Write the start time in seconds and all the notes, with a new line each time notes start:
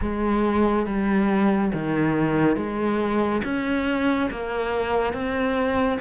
0.01 G#3
0.86 G3
1.73 D#3
2.56 G#3
3.44 C#4
4.31 A#3
5.13 C4